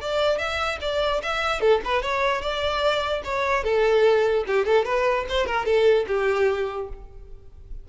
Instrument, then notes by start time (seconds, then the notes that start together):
violin
0.00 D5
0.38 E5
0.81 D5
1.22 E5
1.60 A4
1.84 B4
2.02 C#5
2.41 D5
3.24 C#5
3.63 A4
4.46 G4
4.65 A4
4.85 B4
5.28 C5
5.46 A#4
5.65 A4
6.07 G4